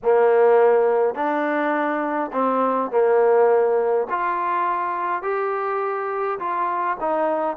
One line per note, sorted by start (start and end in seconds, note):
0.03 1.14 A#3
1.14 2.31 D4
2.32 2.90 C4
2.90 4.07 A#3
4.09 5.22 F4
5.22 6.38 G4
6.39 6.97 F4
7.00 7.56 D#4